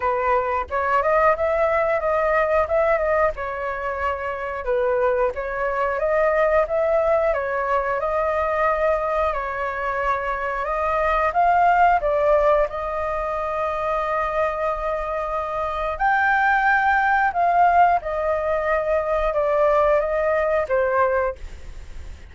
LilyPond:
\new Staff \with { instrumentName = "flute" } { \time 4/4 \tempo 4 = 90 b'4 cis''8 dis''8 e''4 dis''4 | e''8 dis''8 cis''2 b'4 | cis''4 dis''4 e''4 cis''4 | dis''2 cis''2 |
dis''4 f''4 d''4 dis''4~ | dis''1 | g''2 f''4 dis''4~ | dis''4 d''4 dis''4 c''4 | }